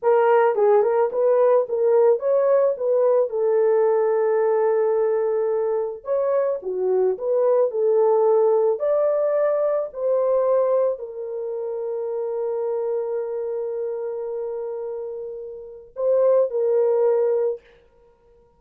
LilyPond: \new Staff \with { instrumentName = "horn" } { \time 4/4 \tempo 4 = 109 ais'4 gis'8 ais'8 b'4 ais'4 | cis''4 b'4 a'2~ | a'2. cis''4 | fis'4 b'4 a'2 |
d''2 c''2 | ais'1~ | ais'1~ | ais'4 c''4 ais'2 | }